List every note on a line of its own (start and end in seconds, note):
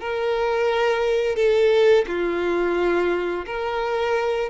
0.00 1.36 A#4
1.36 2.05 A4
2.07 3.45 F4
3.46 4.49 A#4